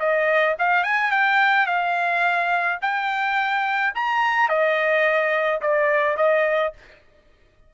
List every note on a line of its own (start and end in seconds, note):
0.00 0.56 D#5
0.59 0.84 F5
0.84 1.12 G#5
1.12 1.67 G5
1.67 2.79 F5
2.82 3.94 G5
3.95 4.49 A#5
4.49 5.61 D#5
5.62 6.17 D5
6.17 6.73 D#5